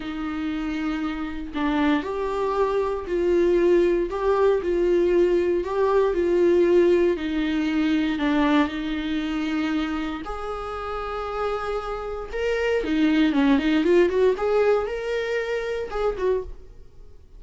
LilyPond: \new Staff \with { instrumentName = "viola" } { \time 4/4 \tempo 4 = 117 dis'2. d'4 | g'2 f'2 | g'4 f'2 g'4 | f'2 dis'2 |
d'4 dis'2. | gis'1 | ais'4 dis'4 cis'8 dis'8 f'8 fis'8 | gis'4 ais'2 gis'8 fis'8 | }